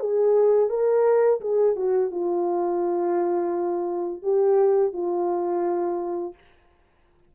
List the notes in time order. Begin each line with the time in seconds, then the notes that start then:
0.00 G#4
0.70 A#4
1.41 G#4
1.76 F#4
2.11 F4
4.23 G4
4.93 F4